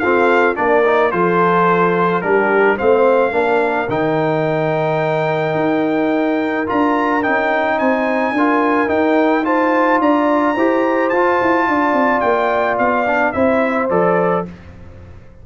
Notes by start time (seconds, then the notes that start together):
0.00 C4 F4 A4 F5
0.56 A#3 D4 A#4 D5
0.86 D#4
1.12 F3 F4 A4 C5
2.22 G3 D4 G4 A#4
2.77 A3 C4 C5 F5
3.32 A#3 D4 A#4
3.89 D#3 D#4 G5
5.55 D#4
6.67 D4 F4 A#5
7.23 C#4 D#4 G5
7.79 C4 C5 G#5
8.32 D4 A#4
8.38 F4
8.88 D#4 G5
9.44 F4 C5 A5
10.00 D4 D5 A#5
10.55 E4 G4 C5
11.10 F4 A5
11.42 E4
11.68 D4 D5
11.94 C4
12.21 A#3 G5
12.79 B3 F5
13.07 D4
13.33 C4 E4 C5 E5
13.90 F3 A4 D5